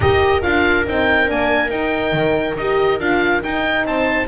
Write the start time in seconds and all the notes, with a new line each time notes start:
0.00 D#4 G4 A#4 D#5
0.42 D4 F4 F5
0.86 C4 D#4 G5
1.26 A#3 D4 G#5
1.70 D#4 G5
2.12 D#3
2.57 D#4 G4 D#5
2.99 D4 F4 F5
3.42 D#4 G5
3.84 C4 C5 A5